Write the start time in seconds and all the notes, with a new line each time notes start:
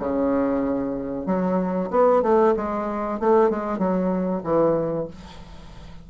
0.00 C#3
1.26 F#3
1.91 B3
2.23 A3
2.57 G#3
3.20 A3
3.51 G#3
3.79 F#3
4.44 E3